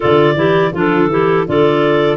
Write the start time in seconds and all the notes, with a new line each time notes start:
0.00 D3 F4 A4 D5
0.35 E3 E4 G4
0.72 F3 D4 F4
0.78 A4
1.08 E3 E4 G4
1.46 D3 F4 A4 D5